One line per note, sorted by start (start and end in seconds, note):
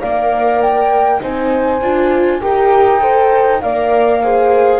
0.00 1.22 A#3
0.00 1.20 A#4
0.00 1.20 D5
0.00 0.61 F5
0.61 1.21 G5
1.20 1.81 C4
1.20 1.79 D#4
1.20 2.42 C5
1.20 2.41 G#5
1.81 2.41 D4
1.81 2.41 F4
2.41 3.63 D#4
2.41 3.00 G4
2.41 3.01 A#4
2.41 3.61 G5
3.00 3.60 A4
3.00 3.61 C5
3.61 4.80 A#3
3.61 4.22 A#4
3.61 4.22 D5
3.61 4.80 F5
4.22 4.80 G#4
4.22 4.80 C5